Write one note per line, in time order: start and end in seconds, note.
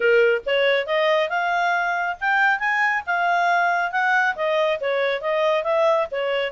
0.00 0.41 A#4
0.46 0.86 C#5
0.86 1.29 D#5
1.29 2.16 F5
2.20 2.59 G5
2.59 3.02 G#5
3.06 3.91 F5
3.91 4.35 F#5
4.35 4.79 D#5
4.80 5.21 C#5
5.21 5.63 D#5
5.63 6.07 E5
6.11 6.51 C#5